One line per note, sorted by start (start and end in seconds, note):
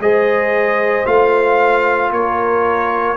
0.00 1.05 G#3
0.00 1.06 G#4
0.00 2.14 C5
0.00 1.06 D#5
1.06 2.11 A3
1.06 3.17 F4
1.06 2.12 F5
2.11 3.16 A#3
2.11 3.17 A#4
2.11 3.17 C#5